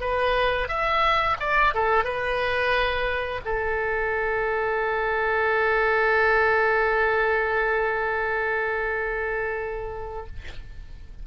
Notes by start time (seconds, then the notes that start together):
0.00 B4
0.68 E5
1.39 D5
1.74 A4
2.04 B4
3.45 A4